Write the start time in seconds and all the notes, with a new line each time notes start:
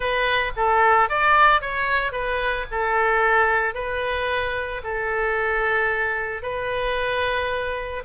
0.00 B4
0.56 A4
1.09 D5
1.61 C#5
2.12 B4
2.71 A4
3.74 B4
4.83 A4
6.42 B4